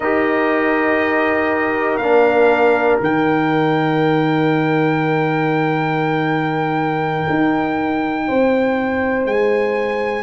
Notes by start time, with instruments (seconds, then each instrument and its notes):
0.00 tuba D#4, trombone G4, horn A#4, trumpet D#5
1.96 tuba A#3, trombone D4, trumpet F5
3.00 tuba D#3, trombone D#4, trumpet G5
7.29 tuba D#4
8.27 tuba C4, horn C5
9.25 tuba G#3, trumpet G#5